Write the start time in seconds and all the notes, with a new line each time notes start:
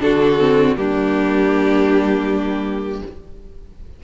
0.00 D3 D4 F#4 A4
0.40 C4
0.76 G3 A#3 D4 G4